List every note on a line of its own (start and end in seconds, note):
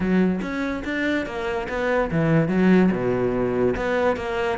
0.00 0.40 F#3
0.41 0.83 C#4
0.84 1.26 D4
1.26 1.67 A#3
1.69 2.10 B3
2.11 2.48 E3
2.48 2.90 F#3
2.91 3.75 B2
3.76 4.16 B3
4.16 4.58 A#3